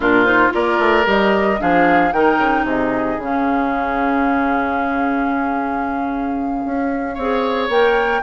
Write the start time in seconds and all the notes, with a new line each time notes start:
0.00 A#2 D4 F4 A#4
0.24 D#4 C5
0.50 A#3 F4 A#4 D5
0.79 A3
1.04 G3 G4 D#5
1.58 F3 D4 G#4 F5
2.12 D#3 D#4 A#4 G5
2.38 C#3
2.63 C3 G#4 D#5
3.18 C#3 C#4 F5
6.65 C#4
7.14 C4 G#4 C#5
7.68 A#3 A#4 G5